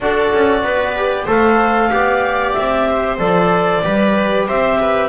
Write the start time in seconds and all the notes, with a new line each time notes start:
0.00 D4 F#4 A4 D5
0.33 C#4
0.62 B3 B4
0.96 G4
1.24 A3 A4 C5 F5
1.90 B3 G4 D5
2.53 C4 E5
2.89 C5
3.18 F3 A4 D5
3.83 G3 G4 B4
4.47 C4 C5 E5
4.80 B4